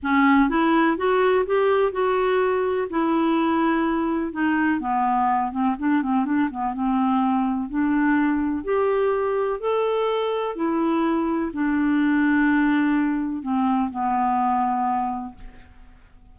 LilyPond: \new Staff \with { instrumentName = "clarinet" } { \time 4/4 \tempo 4 = 125 cis'4 e'4 fis'4 g'4 | fis'2 e'2~ | e'4 dis'4 b4. c'8 | d'8 c'8 d'8 b8 c'2 |
d'2 g'2 | a'2 e'2 | d'1 | c'4 b2. | }